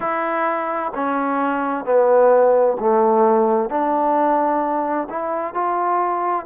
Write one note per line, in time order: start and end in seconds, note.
0.00 0.92 E4
0.94 1.85 C#4
1.85 2.77 B3
2.79 3.69 A3
3.69 5.08 D4
5.09 5.54 E4
5.54 6.45 F4